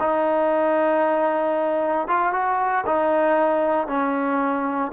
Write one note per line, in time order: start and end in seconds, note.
0.00 2.08 D#4
2.08 2.33 F4
2.33 2.85 F#4
2.86 3.88 D#4
3.88 4.92 C#4